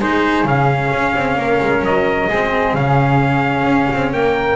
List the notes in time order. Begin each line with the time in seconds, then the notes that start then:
0.00 G#3 D#4 G#4 C5
0.44 C#3 C#4 F5
0.91 C#4
1.16 C4
1.36 A#3 A#4
1.61 G#3
1.82 F#3 D#5
2.28 G#3 C4 G#4
2.73 C#3 C#4 F5
3.64 C#4
3.93 C4
4.12 A#3 A#4 G5